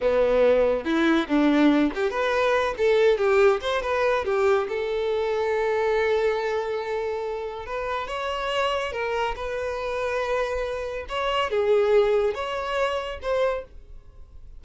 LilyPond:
\new Staff \with { instrumentName = "violin" } { \time 4/4 \tempo 4 = 141 b2 e'4 d'4~ | d'8 g'8 b'4. a'4 g'8~ | g'8 c''8 b'4 g'4 a'4~ | a'1~ |
a'2 b'4 cis''4~ | cis''4 ais'4 b'2~ | b'2 cis''4 gis'4~ | gis'4 cis''2 c''4 | }